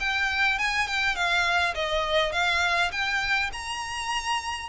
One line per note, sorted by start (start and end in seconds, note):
0.00 0.59 G5
0.59 0.88 G#5
0.88 1.16 G5
1.16 1.75 F5
1.75 2.32 D#5
2.32 2.91 F5
2.92 3.51 G5
3.53 4.69 A#5